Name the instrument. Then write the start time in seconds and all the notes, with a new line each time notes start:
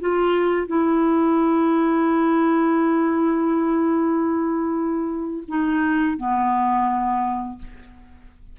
clarinet
0.00 F4
0.67 E4
5.48 D#4
6.17 B3